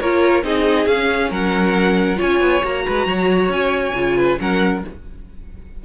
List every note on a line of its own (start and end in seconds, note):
0.00 0.43 A#3
0.00 0.43 F4
0.00 0.44 A#4
0.00 0.44 C#5
0.43 0.87 C4
0.43 0.87 D#4
0.43 1.30 G#4
0.43 0.86 D#5
0.86 1.30 C#4
0.86 1.30 F5
0.93 2.16 C#4
1.30 2.18 F#3
1.30 2.18 A#4
1.30 2.20 F#5
2.16 2.40 C#4
2.16 2.60 F4
2.16 2.84 C#5
2.16 2.65 G#5
2.40 2.62 B3
2.63 2.86 A#3
2.63 3.94 F#4
2.63 3.52 A#5
2.86 3.06 G#3
2.86 3.07 B4
3.06 3.48 F#3
3.06 4.17 C#5
3.48 3.92 C#4
3.48 4.40 G#5
3.94 4.38 C#3
3.94 4.39 F4
4.17 4.39 B4
4.39 4.84 F#3
4.39 4.82 C#4
4.39 4.85 A#4
4.39 4.84 F#5